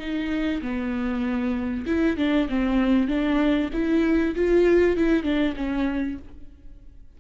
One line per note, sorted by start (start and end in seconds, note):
0.00 0.62 D#4
0.62 1.86 B3
1.86 2.17 E4
2.17 2.48 D4
2.49 3.08 C4
3.08 3.70 D4
3.73 4.35 E4
4.36 4.97 F4
4.97 5.24 E4
5.24 5.54 D4
5.57 6.19 C#4